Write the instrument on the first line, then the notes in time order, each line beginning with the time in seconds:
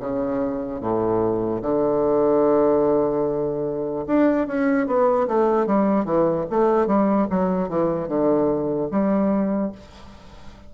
bassoon
0.00 C#3
0.81 A2
1.62 D3
4.07 D4
4.48 C#4
4.87 B3
5.28 A3
5.66 G3
6.05 E3
6.50 A3
6.87 G3
7.30 F#3
7.69 E3
8.08 D3
8.91 G3